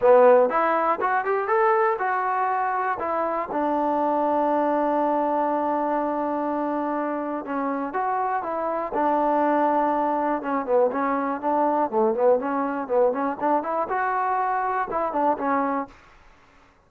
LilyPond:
\new Staff \with { instrumentName = "trombone" } { \time 4/4 \tempo 4 = 121 b4 e'4 fis'8 g'8 a'4 | fis'2 e'4 d'4~ | d'1~ | d'2. cis'4 |
fis'4 e'4 d'2~ | d'4 cis'8 b8 cis'4 d'4 | a8 b8 cis'4 b8 cis'8 d'8 e'8 | fis'2 e'8 d'8 cis'4 | }